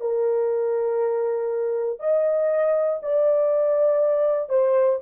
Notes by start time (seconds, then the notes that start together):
0.00 A#4
1.99 D#5
3.02 D5
4.49 C5